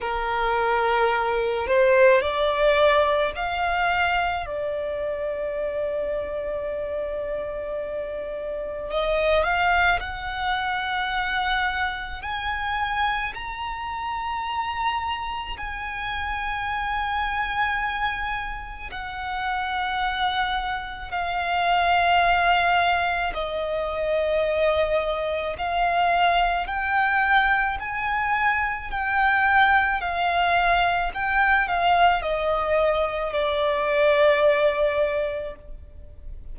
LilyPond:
\new Staff \with { instrumentName = "violin" } { \time 4/4 \tempo 4 = 54 ais'4. c''8 d''4 f''4 | d''1 | dis''8 f''8 fis''2 gis''4 | ais''2 gis''2~ |
gis''4 fis''2 f''4~ | f''4 dis''2 f''4 | g''4 gis''4 g''4 f''4 | g''8 f''8 dis''4 d''2 | }